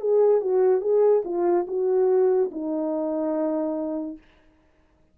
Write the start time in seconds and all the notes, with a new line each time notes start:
0.00 G#4
0.41 F#4
0.81 G#4
1.24 F4
1.67 F#4
2.51 D#4